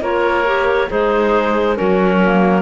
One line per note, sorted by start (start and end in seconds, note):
0.00 0.87 A#3
0.00 0.44 F4
0.00 0.89 A#4
0.00 0.90 C#5
0.45 0.88 G4
0.88 1.78 G#3
0.88 1.75 D#4
0.88 1.75 G#4
0.88 1.76 C5
1.75 2.61 F#3
1.75 2.61 C#4
1.75 2.20 F#4
1.75 2.61 A#4
2.22 2.61 A#3